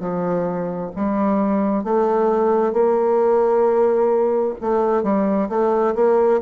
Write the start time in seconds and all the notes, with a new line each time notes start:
0.00 F3
0.96 G3
1.84 A3
2.74 A#3
4.62 A3
5.03 G3
5.50 A3
5.95 A#3